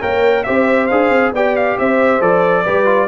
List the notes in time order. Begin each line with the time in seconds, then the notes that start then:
0.00 A#3 A#4 C#5 G5
0.43 C4 G4 C5 E5
0.86 D4 G#4 F5
1.09 C4
1.32 B3 G4 D5 G5
1.55 F5
1.78 C4 C5 E5
2.20 F3 A4 D5
2.63 G3 G4 B4
2.85 F4